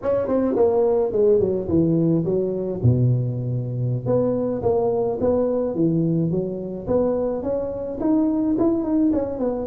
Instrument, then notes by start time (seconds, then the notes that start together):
tuba
0.02 C#4
0.27 C4
0.56 A#3
1.12 G#3
1.39 F#3
1.68 E3
2.24 F#3
2.82 B2
4.06 B3
4.62 A#3
5.20 B3
5.75 E3
6.30 F#3
6.87 B3
7.42 C#4
8.00 D#4
8.58 E4
8.83 D#4
9.12 C#4
9.38 B3